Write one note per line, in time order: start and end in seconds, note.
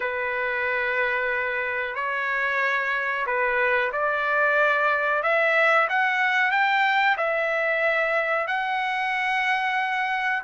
0.00 1.95 B4
1.95 3.25 C#5
3.26 3.91 B4
3.92 5.22 D5
5.22 5.88 E5
5.89 6.51 F#5
6.51 7.16 G5
7.17 8.47 E5
8.47 10.43 F#5